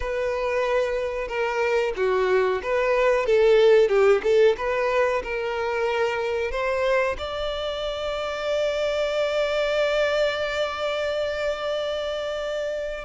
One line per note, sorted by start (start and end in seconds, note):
0.00 1.28 B4
1.28 1.93 A#4
1.96 2.61 F#4
2.62 3.25 B4
3.25 3.88 A4
3.88 4.21 G4
4.23 4.56 A4
4.57 5.22 B4
5.23 6.51 A#4
6.51 7.16 C5
7.18 13.04 D5